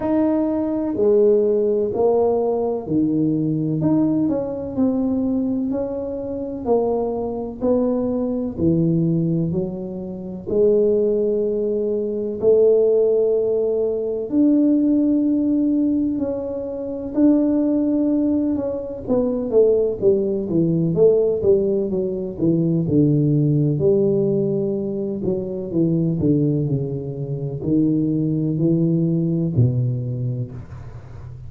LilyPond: \new Staff \with { instrumentName = "tuba" } { \time 4/4 \tempo 4 = 63 dis'4 gis4 ais4 dis4 | dis'8 cis'8 c'4 cis'4 ais4 | b4 e4 fis4 gis4~ | gis4 a2 d'4~ |
d'4 cis'4 d'4. cis'8 | b8 a8 g8 e8 a8 g8 fis8 e8 | d4 g4. fis8 e8 d8 | cis4 dis4 e4 b,4 | }